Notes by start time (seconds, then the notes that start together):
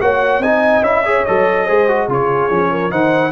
0.00 A#3 F#4 C#5 F#5
0.38 C4 D#4 D#5 G#5
0.81 C#4 E4 E5
1.03 G#4 C#5
1.25 F#3 A4 D#5
1.65 G#3 G#4 C5
1.88 F#4
2.08 C#3 F4 G#4 C#5
2.50 F3 C#4
2.71 A#4
2.90 D#3 D#4 C5 F#5